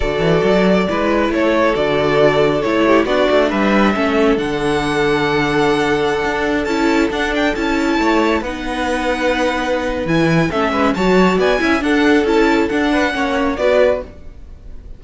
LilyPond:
<<
  \new Staff \with { instrumentName = "violin" } { \time 4/4 \tempo 4 = 137 d''2. cis''4 | d''2 cis''4 d''4 | e''2 fis''2~ | fis''2.~ fis''16 a''8.~ |
a''16 fis''8 g''8 a''2 fis''8.~ | fis''2. gis''4 | e''4 a''4 gis''4 fis''4 | a''4 fis''2 d''4 | }
  \new Staff \with { instrumentName = "violin" } { \time 4/4 a'2 b'4 a'4~ | a'2~ a'8 g'8 fis'4 | b'4 a'2.~ | a'1~ |
a'2~ a'16 cis''4 b'8.~ | b'1 | a'8 b'8 cis''4 d''8 e''8 a'4~ | a'4. b'8 cis''4 b'4 | }
  \new Staff \with { instrumentName = "viola" } { \time 4/4 fis'2 e'2 | fis'2 e'4 d'4~ | d'4 cis'4 d'2~ | d'2.~ d'16 e'8.~ |
e'16 d'4 e'2 dis'8.~ | dis'2. e'4 | cis'4 fis'4. e'8 d'4 | e'4 d'4 cis'4 fis'4 | }
  \new Staff \with { instrumentName = "cello" } { \time 4/4 d8 e8 fis4 gis4 a4 | d2 a4 b8 a8 | g4 a4 d2~ | d2~ d16 d'4 cis'8.~ |
cis'16 d'4 cis'4 a4 b8.~ | b2. e4 | a8 gis8 fis4 b8 cis'8 d'4 | cis'4 d'4 ais4 b4 | }
>>